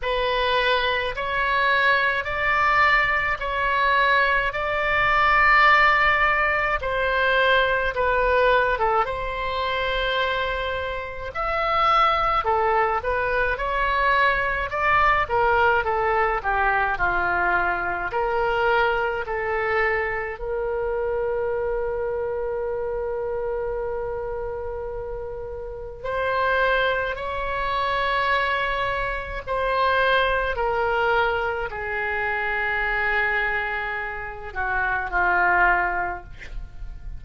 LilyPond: \new Staff \with { instrumentName = "oboe" } { \time 4/4 \tempo 4 = 53 b'4 cis''4 d''4 cis''4 | d''2 c''4 b'8. a'16 | c''2 e''4 a'8 b'8 | cis''4 d''8 ais'8 a'8 g'8 f'4 |
ais'4 a'4 ais'2~ | ais'2. c''4 | cis''2 c''4 ais'4 | gis'2~ gis'8 fis'8 f'4 | }